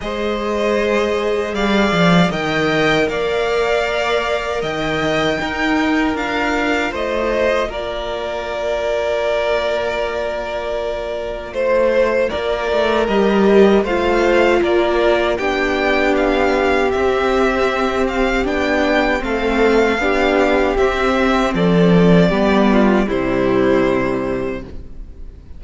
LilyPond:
<<
  \new Staff \with { instrumentName = "violin" } { \time 4/4 \tempo 4 = 78 dis''2 f''4 g''4 | f''2 g''2 | f''4 dis''4 d''2~ | d''2. c''4 |
d''4 dis''4 f''4 d''4 | g''4 f''4 e''4. f''8 | g''4 f''2 e''4 | d''2 c''2 | }
  \new Staff \with { instrumentName = "violin" } { \time 4/4 c''2 d''4 dis''4 | d''2 dis''4 ais'4~ | ais'4 c''4 ais'2~ | ais'2. c''4 |
ais'2 c''4 ais'4 | g'1~ | g'4 a'4 g'2 | a'4 g'8 f'8 e'2 | }
  \new Staff \with { instrumentName = "viola" } { \time 4/4 gis'2. ais'4~ | ais'2. dis'4 | f'1~ | f'1~ |
f'4 g'4 f'2 | d'2 c'2 | d'4 c'4 d'4 c'4~ | c'4 b4 g2 | }
  \new Staff \with { instrumentName = "cello" } { \time 4/4 gis2 g8 f8 dis4 | ais2 dis4 dis'4 | d'4 a4 ais2~ | ais2. a4 |
ais8 a8 g4 a4 ais4 | b2 c'2 | b4 a4 b4 c'4 | f4 g4 c2 | }
>>